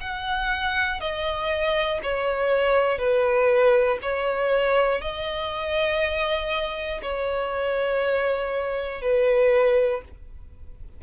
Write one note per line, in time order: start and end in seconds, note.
0.00 1.00 F#5
1.00 2.00 D#5
2.03 2.98 C#5
2.98 3.98 B4
4.02 5.00 C#5
5.00 7.00 D#5
7.01 9.01 C#5
9.01 10.01 B4